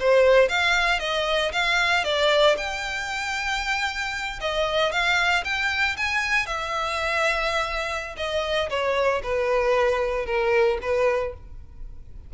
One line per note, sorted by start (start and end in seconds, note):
0.00 0.49 C5
0.49 0.99 F5
0.99 1.52 D#5
1.52 2.04 F5
2.04 2.56 D5
2.57 4.40 G5
4.41 4.92 D#5
4.92 5.44 F5
5.44 5.96 G5
5.97 6.46 G#5
6.46 8.16 E5
8.17 8.69 D#5
8.70 9.22 C#5
9.23 10.26 B4
10.26 10.78 A#4
10.82 11.34 B4